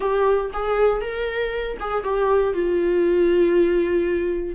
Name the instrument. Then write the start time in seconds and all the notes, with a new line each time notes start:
viola
0.00 G4
0.53 G#4
1.01 A#4
1.80 G#4
2.03 G4
2.53 F4